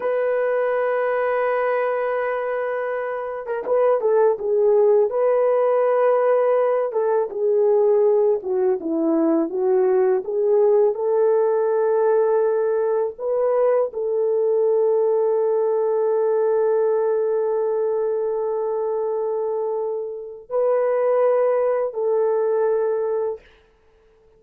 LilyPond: \new Staff \with { instrumentName = "horn" } { \time 4/4 \tempo 4 = 82 b'1~ | b'8. ais'16 b'8 a'8 gis'4 b'4~ | b'4. a'8 gis'4. fis'8 | e'4 fis'4 gis'4 a'4~ |
a'2 b'4 a'4~ | a'1~ | a'1 | b'2 a'2 | }